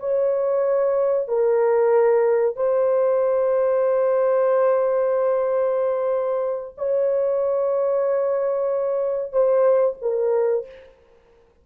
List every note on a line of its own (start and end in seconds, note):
0.00 1.28 C#5
1.28 2.56 A#4
2.56 6.76 C5
6.78 9.33 C#5
9.33 9.97 C5
10.02 10.67 A#4